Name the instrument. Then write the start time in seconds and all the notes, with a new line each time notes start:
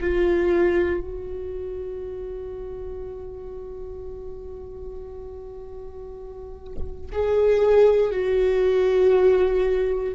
viola
0.00 F4
1.00 F#4
7.12 G#4
8.11 F#4